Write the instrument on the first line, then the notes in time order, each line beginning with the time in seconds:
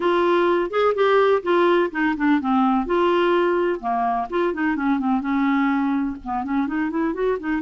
clarinet
0.00 F4
0.70 G#4
0.94 G4
1.42 F4
1.91 D#4
2.16 D4
2.40 C4
2.85 F4
3.80 A#3
4.30 F4
4.53 D#4
4.76 C#4
4.99 C4
5.21 C#4
6.23 B3
6.44 C#4
6.67 D#4
6.90 E4
7.14 F#4
7.39 D#4